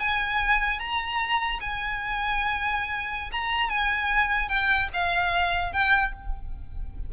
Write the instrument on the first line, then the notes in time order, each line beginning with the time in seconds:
violin
0.00 G#5
0.80 A#5
1.61 G#5
3.32 A#5
3.70 G#5
4.49 G5
4.94 F5
5.73 G5